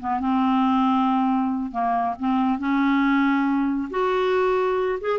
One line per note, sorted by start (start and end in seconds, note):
0.00 0.20 B3
0.20 1.72 C4
1.72 2.15 A#3
2.19 2.59 C4
2.59 3.89 C#4
3.91 4.99 F#4
5.01 5.19 G#4